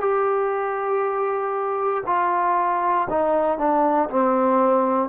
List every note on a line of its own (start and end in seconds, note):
0.00 2.03 G4
2.06 3.07 F4
3.10 3.58 D#4
3.58 4.09 D4
4.10 5.09 C4